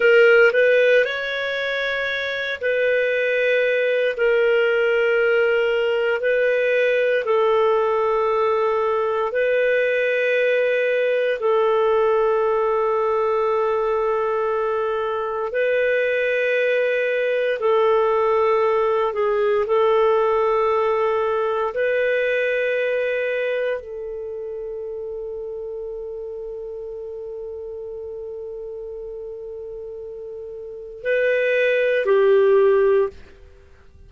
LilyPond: \new Staff \with { instrumentName = "clarinet" } { \time 4/4 \tempo 4 = 58 ais'8 b'8 cis''4. b'4. | ais'2 b'4 a'4~ | a'4 b'2 a'4~ | a'2. b'4~ |
b'4 a'4. gis'8 a'4~ | a'4 b'2 a'4~ | a'1~ | a'2 b'4 g'4 | }